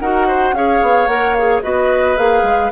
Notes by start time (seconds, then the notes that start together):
0.00 D#4 F#4 A#4 F#5
0.27 C5
0.53 C#4 G#4 C#5 F5
0.82 B3
1.06 A#3 A#4 F#5
1.33 G#4 F5
1.62 B3 F#4 B4 D#5
2.16 A#3 G#4 F5
2.43 G#3